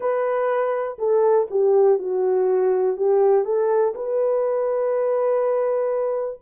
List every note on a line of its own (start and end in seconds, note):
0.00 0.97 B4
0.98 1.47 A4
1.50 1.99 G4
1.99 2.96 F#4
2.96 3.44 G4
3.44 3.93 A4
3.94 6.40 B4